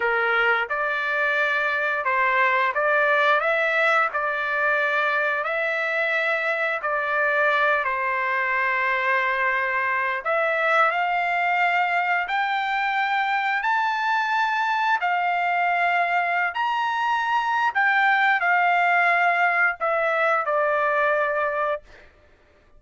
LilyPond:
\new Staff \with { instrumentName = "trumpet" } { \time 4/4 \tempo 4 = 88 ais'4 d''2 c''4 | d''4 e''4 d''2 | e''2 d''4. c''8~ | c''2. e''4 |
f''2 g''2 | a''2 f''2~ | f''16 ais''4.~ ais''16 g''4 f''4~ | f''4 e''4 d''2 | }